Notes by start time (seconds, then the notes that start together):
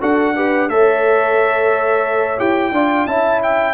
0.00 D4 F#4 A4 F#5
0.35 G4 B4
0.69 A3 A4 C#5 E5
2.37 E4 G4 G5
2.71 D4 F4 D5
3.06 C#4 E4 E5 A5
3.43 G5